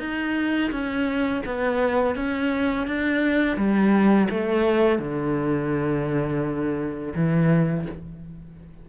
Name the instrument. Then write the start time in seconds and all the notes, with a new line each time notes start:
cello
0.00 D#4
0.72 C#4
1.46 B3
2.16 C#4
2.87 D4
3.57 G3
4.31 A3
4.99 D3
7.15 E3